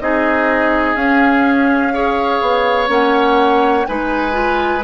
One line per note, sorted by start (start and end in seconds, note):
0.00 0.95 C4
0.00 0.96 D#4
0.00 1.93 G#4
0.00 0.96 D#5
0.95 2.40 C#4
0.95 1.92 C#4
0.95 2.89 F5
1.93 2.87 G#4
1.93 3.87 C#5
2.41 2.89 B3
2.87 3.85 A#3
2.87 3.84 C#4
2.87 3.86 F#5
3.86 4.84 G#3
3.86 4.32 D#4
3.86 4.84 B4
3.86 4.83 G#5
4.32 4.80 F4